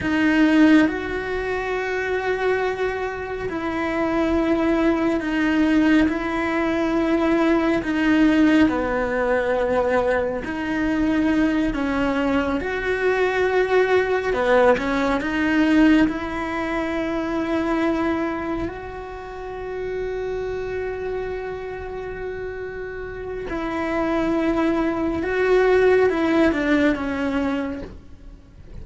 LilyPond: \new Staff \with { instrumentName = "cello" } { \time 4/4 \tempo 4 = 69 dis'4 fis'2. | e'2 dis'4 e'4~ | e'4 dis'4 b2 | dis'4. cis'4 fis'4.~ |
fis'8 b8 cis'8 dis'4 e'4.~ | e'4. fis'2~ fis'8~ | fis'2. e'4~ | e'4 fis'4 e'8 d'8 cis'4 | }